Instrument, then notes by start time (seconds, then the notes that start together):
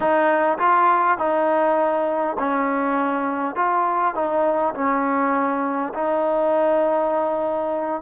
trombone
0.00 D#4
0.58 F4
1.17 D#4
2.38 C#4
3.55 F4
4.14 D#4
4.74 C#4
5.94 D#4